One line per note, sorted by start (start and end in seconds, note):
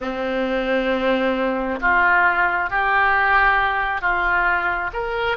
0.00 1.80 C4
1.80 2.69 F4
2.70 4.01 G4
4.01 4.90 F4
4.93 5.37 A#4